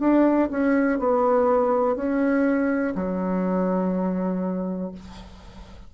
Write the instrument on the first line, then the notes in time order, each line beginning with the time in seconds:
bassoon
0.00 D4
0.51 C#4
0.99 B3
1.96 C#4
2.95 F#3